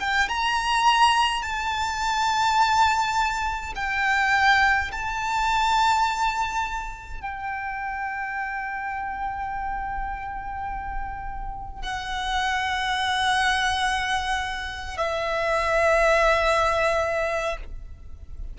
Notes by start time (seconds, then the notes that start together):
0.00 G5
0.29 A#5
1.43 A5
3.76 G5
4.92 A5
7.22 G5
11.83 F#5
14.98 E5